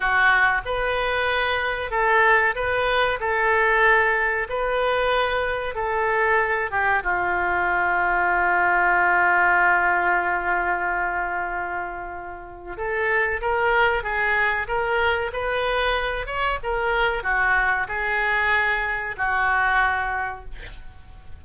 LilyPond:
\new Staff \with { instrumentName = "oboe" } { \time 4/4 \tempo 4 = 94 fis'4 b'2 a'4 | b'4 a'2 b'4~ | b'4 a'4. g'8 f'4~ | f'1~ |
f'1 | a'4 ais'4 gis'4 ais'4 | b'4. cis''8 ais'4 fis'4 | gis'2 fis'2 | }